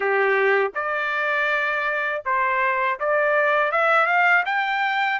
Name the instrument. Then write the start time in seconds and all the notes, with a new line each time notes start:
trumpet
0.00 G4
0.74 D5
2.25 C5
2.99 D5
3.71 E5
4.06 F5
4.45 G5